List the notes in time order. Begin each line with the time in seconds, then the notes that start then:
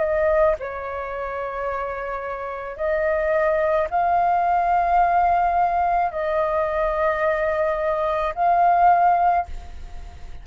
0.00 D#5
0.60 C#5
2.77 D#5
3.91 F5
6.12 D#5
8.35 F5